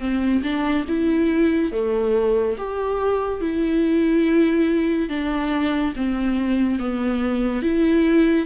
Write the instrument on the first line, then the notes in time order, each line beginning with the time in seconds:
viola
0.00 C4
0.43 D4
0.88 E4
1.72 A3
2.58 G4
3.41 E4
5.09 D4
5.96 C4
6.79 B3
7.63 E4